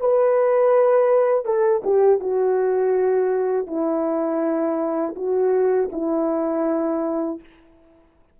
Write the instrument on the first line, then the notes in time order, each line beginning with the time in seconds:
horn
0.00 B4
1.45 A4
1.84 G4
2.20 F#4
3.67 E4
5.15 F#4
5.92 E4